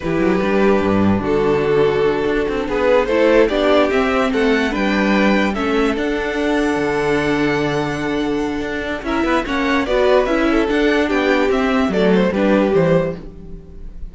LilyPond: <<
  \new Staff \with { instrumentName = "violin" } { \time 4/4 \tempo 4 = 146 b'2. a'4~ | a'2~ a'8 b'4 c''8~ | c''8 d''4 e''4 fis''4 g''8~ | g''4. e''4 fis''4.~ |
fis''1~ | fis''2 e''4 fis''4 | d''4 e''4 fis''4 g''4 | e''4 d''8 c''8 b'4 c''4 | }
  \new Staff \with { instrumentName = "violin" } { \time 4/4 g'2. fis'4~ | fis'2~ fis'8 gis'4 a'8~ | a'8 g'2 a'4 b'8~ | b'4. a'2~ a'8~ |
a'1~ | a'2 ais'8 b'8 cis''4 | b'4. a'4. g'4~ | g'4 a'4 g'2 | }
  \new Staff \with { instrumentName = "viola" } { \time 4/4 e'4 d'2.~ | d'2.~ d'8 e'8~ | e'8 d'4 c'2 d'8~ | d'4. cis'4 d'4.~ |
d'1~ | d'2 e'4 cis'4 | fis'4 e'4 d'2 | c'4 a4 d'4 g4 | }
  \new Staff \with { instrumentName = "cello" } { \time 4/4 e8 fis8 g4 g,4 d4~ | d4. d'8 c'8 b4 a8~ | a8 b4 c'4 a4 g8~ | g4. a4 d'4.~ |
d'8 d2.~ d8~ | d4 d'4 cis'8 b8 ais4 | b4 cis'4 d'4 b4 | c'4 fis4 g4 e4 | }
>>